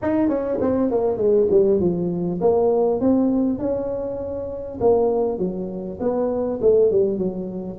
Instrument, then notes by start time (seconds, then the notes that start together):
tuba
0.02 D#4
0.28 C#4
0.60 C4
0.91 A#3
1.17 G#3
1.50 G3
1.80 F3
2.41 A#3
3.00 C4
3.58 C#4
4.80 A#3
5.38 F#3
6.00 B3
6.61 A3
6.91 G3
7.18 F#3